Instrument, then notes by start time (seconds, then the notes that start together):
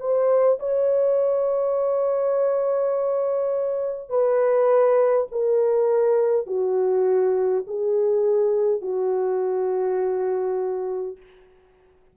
horn
0.00 C5
0.59 C#5
4.09 B4
5.32 A#4
6.47 F#4
7.67 G#4
8.81 F#4